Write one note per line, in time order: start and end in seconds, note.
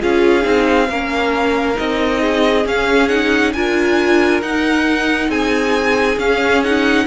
0.00 0.45 C#4
0.00 0.42 F4
0.00 0.88 G#4
0.00 1.78 F5
0.42 0.89 C4
0.42 0.86 D#4
0.89 1.77 A#3
0.89 1.75 C#4
0.89 2.20 A#4
1.75 2.65 C4
1.75 2.63 D#4
1.75 2.66 D#5
2.20 3.52 G#4
2.65 3.53 C#4
2.65 3.09 C#4
2.65 3.08 F5
3.08 3.53 D#4
3.08 3.52 F#5
3.53 4.41 D4
3.53 4.42 F4
3.53 5.29 A#4
3.53 4.41 G#5
4.41 5.28 D#4
4.41 6.19 D#4
4.41 5.30 F#5
5.28 6.17 C4
5.28 7.05 G#4
5.28 6.18 G#5
6.17 7.05 C#4
6.17 6.64 C#4
6.17 6.63 F5
6.63 7.06 D#4
6.63 7.06 F#5